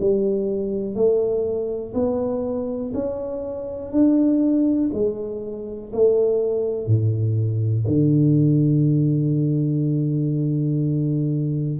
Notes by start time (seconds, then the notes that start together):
0.00 G3
0.95 A3
1.94 B3
2.94 C#4
3.92 D4
4.93 G#3
5.93 A3
6.87 A2
7.87 D3